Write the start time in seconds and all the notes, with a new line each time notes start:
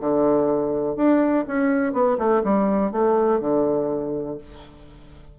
0.00 D3
0.96 D4
1.47 C#4
1.93 B3
2.18 A3
2.43 G3
2.92 A3
3.40 D3